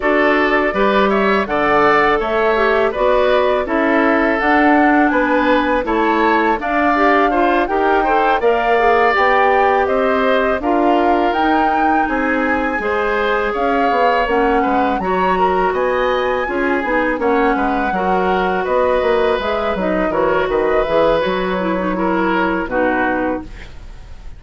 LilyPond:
<<
  \new Staff \with { instrumentName = "flute" } { \time 4/4 \tempo 4 = 82 d''4. e''8 fis''4 e''4 | d''4 e''4 fis''4 gis''4 | a''4 f''4. g''4 f''8~ | f''8 g''4 dis''4 f''4 g''8~ |
g''8 gis''2 f''4 fis''8~ | fis''8 ais''4 gis''2 fis''8~ | fis''4. dis''4 e''8 dis''8 cis''8 | dis''8 e''8 cis''2 b'4 | }
  \new Staff \with { instrumentName = "oboe" } { \time 4/4 a'4 b'8 cis''8 d''4 cis''4 | b'4 a'2 b'4 | cis''4 d''4 c''8 ais'8 c''8 d''8~ | d''4. c''4 ais'4.~ |
ais'8 gis'4 c''4 cis''4. | b'8 cis''8 ais'8 dis''4 gis'4 cis''8 | b'8 ais'4 b'2 ais'8 | b'2 ais'4 fis'4 | }
  \new Staff \with { instrumentName = "clarinet" } { \time 4/4 fis'4 g'4 a'4. g'8 | fis'4 e'4 d'2 | e'4 d'8 g'8 f'8 g'8 a'8 ais'8 | gis'8 g'2 f'4 dis'8~ |
dis'4. gis'2 cis'8~ | cis'8 fis'2 f'8 dis'8 cis'8~ | cis'8 fis'2 gis'8 dis'8 fis'8~ | fis'8 gis'8 fis'8 e'16 dis'16 e'4 dis'4 | }
  \new Staff \with { instrumentName = "bassoon" } { \time 4/4 d'4 g4 d4 a4 | b4 cis'4 d'4 b4 | a4 d'4. dis'4 ais8~ | ais8 b4 c'4 d'4 dis'8~ |
dis'8 c'4 gis4 cis'8 b8 ais8 | gis8 fis4 b4 cis'8 b8 ais8 | gis8 fis4 b8 ais8 gis8 fis8 e8 | dis8 e8 fis2 b,4 | }
>>